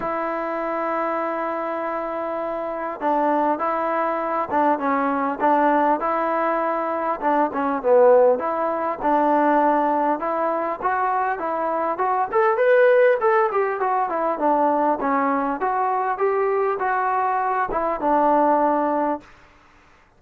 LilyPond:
\new Staff \with { instrumentName = "trombone" } { \time 4/4 \tempo 4 = 100 e'1~ | e'4 d'4 e'4. d'8 | cis'4 d'4 e'2 | d'8 cis'8 b4 e'4 d'4~ |
d'4 e'4 fis'4 e'4 | fis'8 a'8 b'4 a'8 g'8 fis'8 e'8 | d'4 cis'4 fis'4 g'4 | fis'4. e'8 d'2 | }